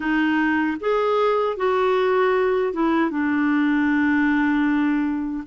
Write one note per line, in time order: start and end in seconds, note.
0.00 0.77 D#4
0.80 1.57 G#4
1.57 2.73 F#4
2.73 3.10 E4
3.10 5.44 D4